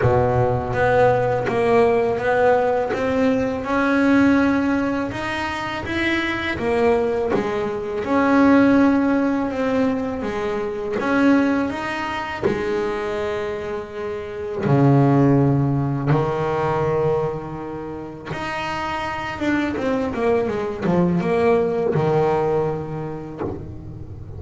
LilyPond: \new Staff \with { instrumentName = "double bass" } { \time 4/4 \tempo 4 = 82 b,4 b4 ais4 b4 | c'4 cis'2 dis'4 | e'4 ais4 gis4 cis'4~ | cis'4 c'4 gis4 cis'4 |
dis'4 gis2. | cis2 dis2~ | dis4 dis'4. d'8 c'8 ais8 | gis8 f8 ais4 dis2 | }